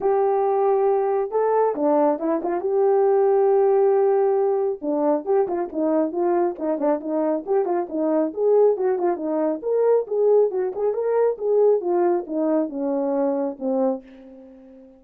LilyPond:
\new Staff \with { instrumentName = "horn" } { \time 4/4 \tempo 4 = 137 g'2. a'4 | d'4 e'8 f'8 g'2~ | g'2. d'4 | g'8 f'8 dis'4 f'4 dis'8 d'8 |
dis'4 g'8 f'8 dis'4 gis'4 | fis'8 f'8 dis'4 ais'4 gis'4 | fis'8 gis'8 ais'4 gis'4 f'4 | dis'4 cis'2 c'4 | }